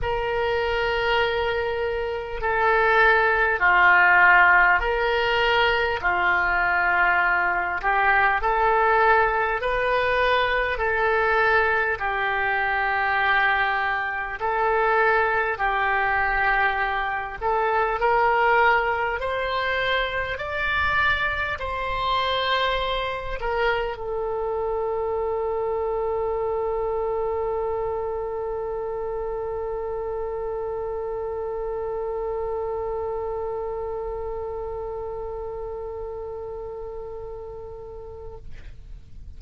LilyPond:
\new Staff \with { instrumentName = "oboe" } { \time 4/4 \tempo 4 = 50 ais'2 a'4 f'4 | ais'4 f'4. g'8 a'4 | b'4 a'4 g'2 | a'4 g'4. a'8 ais'4 |
c''4 d''4 c''4. ais'8 | a'1~ | a'1~ | a'1 | }